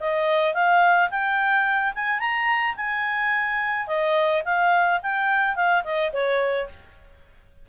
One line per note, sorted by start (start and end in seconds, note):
0.00 0.54 D#5
0.54 1.10 F5
1.10 1.94 G5
1.95 2.19 G#5
2.19 2.75 A#5
2.76 3.87 G#5
3.87 4.43 D#5
4.45 5.01 F5
5.02 5.55 G5
5.55 5.83 F5
5.84 6.12 D#5
6.13 6.68 C#5